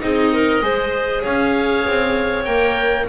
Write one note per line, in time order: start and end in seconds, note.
0.00 0.62 C4
0.00 0.61 D#4
0.00 0.33 G#4
0.00 1.23 D#5
0.33 0.64 A#4
0.62 1.24 G#3
0.62 2.45 G#4
0.62 1.22 C5
1.22 1.87 C#4
1.22 3.06 C#5
1.22 2.45 F5
1.88 2.47 C4
2.45 3.08 A#3
2.45 3.07 A#4
2.45 3.06 G5